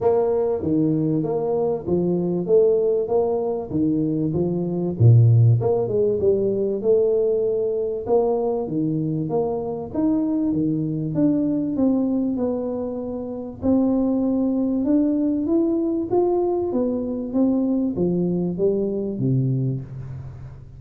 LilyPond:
\new Staff \with { instrumentName = "tuba" } { \time 4/4 \tempo 4 = 97 ais4 dis4 ais4 f4 | a4 ais4 dis4 f4 | ais,4 ais8 gis8 g4 a4~ | a4 ais4 dis4 ais4 |
dis'4 dis4 d'4 c'4 | b2 c'2 | d'4 e'4 f'4 b4 | c'4 f4 g4 c4 | }